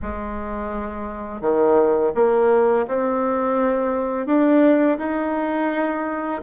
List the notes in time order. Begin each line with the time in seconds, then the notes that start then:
0.02 G#3
1.41 D#3
2.14 A#3
2.87 C4
4.26 D4
4.98 D#4